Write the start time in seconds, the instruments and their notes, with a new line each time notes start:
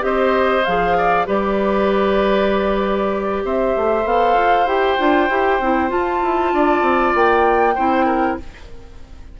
0.00 bassoon C4, clarinet G4, oboe C5, flute D#5
0.64 bassoon F3, clarinet G#4, flute F5
0.98 oboe D5
1.26 bassoon G3, clarinet G4, oboe B4, flute D5
3.44 bassoon C4, oboe C5, flute E5
3.76 bassoon A3
4.05 bassoon B3, clarinet A4, flute F5
4.34 bassoon F4
4.65 bassoon E4, clarinet G4, flute G5
4.98 bassoon D4, clarinet F4
5.29 bassoon E4, clarinet G4
5.60 bassoon C4, clarinet E4
5.89 clarinet F4, bassoon F4, flute A5
6.22 bassoon E4
6.53 bassoon D4, oboe D5
6.81 bassoon C4
7.15 bassoon A#3, flute G5
7.74 bassoon C4, clarinet E4, oboe C5
8.06 oboe A#4